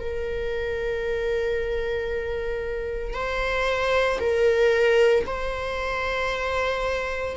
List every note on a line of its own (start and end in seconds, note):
0.00 3.14 A#4
3.14 4.19 C5
4.20 5.25 A#4
5.26 7.37 C5